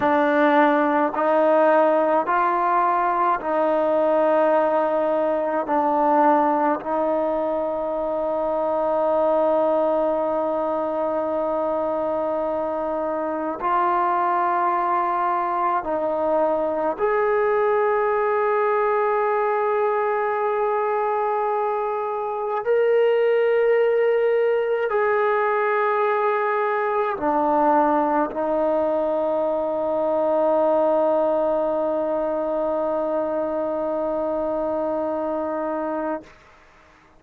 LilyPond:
\new Staff \with { instrumentName = "trombone" } { \time 4/4 \tempo 4 = 53 d'4 dis'4 f'4 dis'4~ | dis'4 d'4 dis'2~ | dis'1 | f'2 dis'4 gis'4~ |
gis'1 | ais'2 gis'2 | d'4 dis'2.~ | dis'1 | }